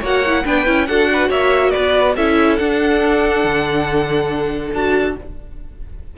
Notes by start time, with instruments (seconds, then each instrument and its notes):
0.00 cello A#3, viola F#4, violin C#5 F#5
0.25 viola E4
0.44 cello B3, viola D4, violin B4 G5
0.66 cello C#4, viola E4
0.87 cello D4, viola F#4, violin A4 F#5
1.13 violin B4
1.28 cello A#3, violin C#5 E5
1.70 cello B3, violin B4 D5
2.16 cello C#4, viola E4, violin A4 E5
2.56 viola D4, cello D4, violin F#5
3.44 cello D3
4.73 cello D4, viola F#4, violin A5